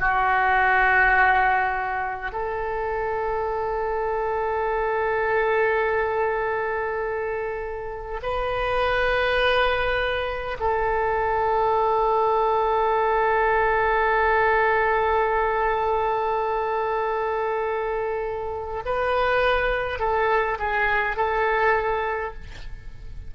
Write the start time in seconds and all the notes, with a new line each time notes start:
0.00 F#4
2.32 A4
8.22 B4
10.60 A4
18.86 B4
19.99 A4
20.59 G#4
21.17 A4